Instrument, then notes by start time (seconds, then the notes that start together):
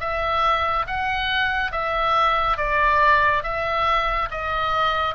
oboe
0.00 E5
0.86 F#5
1.71 E5
2.57 D5
3.43 E5
4.31 D#5